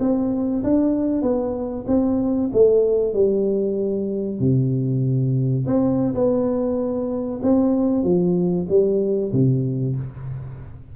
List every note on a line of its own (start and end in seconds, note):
0.00 0.63 C4
0.63 1.22 D4
1.22 1.85 B3
1.87 2.50 C4
2.53 3.13 A3
3.13 4.40 G3
4.40 5.66 C3
5.66 6.14 C4
6.14 7.40 B3
7.42 8.04 C4
8.04 8.67 F3
8.69 9.32 G3
9.32 9.95 C3